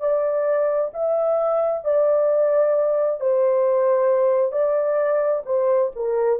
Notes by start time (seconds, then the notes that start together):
0.00 D5
0.93 E5
1.84 D5
3.20 C5
4.52 D5
5.45 C5
5.95 A#4